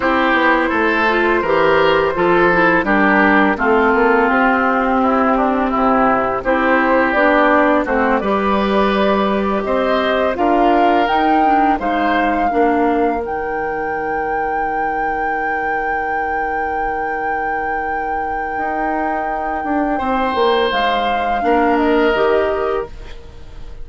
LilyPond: <<
  \new Staff \with { instrumentName = "flute" } { \time 4/4 \tempo 4 = 84 c''1 | ais'4 a'4 g'2~ | g'4 c''4 d''4 c''8 d''8~ | d''4. dis''4 f''4 g''8~ |
g''8 f''2 g''4.~ | g''1~ | g''1~ | g''4 f''4. dis''4. | }
  \new Staff \with { instrumentName = "oboe" } { \time 4/4 g'4 a'4 ais'4 a'4 | g'4 f'2 e'8 d'8 | e'4 g'2 fis'8 b'8~ | b'4. c''4 ais'4.~ |
ais'8 c''4 ais'2~ ais'8~ | ais'1~ | ais'1 | c''2 ais'2 | }
  \new Staff \with { instrumentName = "clarinet" } { \time 4/4 e'4. f'8 g'4 f'8 e'8 | d'4 c'2.~ | c'4 e'4 d'4 c'8 g'8~ | g'2~ g'8 f'4 dis'8 |
d'8 dis'4 d'4 dis'4.~ | dis'1~ | dis'1~ | dis'2 d'4 g'4 | }
  \new Staff \with { instrumentName = "bassoon" } { \time 4/4 c'8 b8 a4 e4 f4 | g4 a8 ais8 c'2 | c4 c'4 b4 a8 g8~ | g4. c'4 d'4 dis'8~ |
dis'8 gis4 ais4 dis4.~ | dis1~ | dis2 dis'4. d'8 | c'8 ais8 gis4 ais4 dis4 | }
>>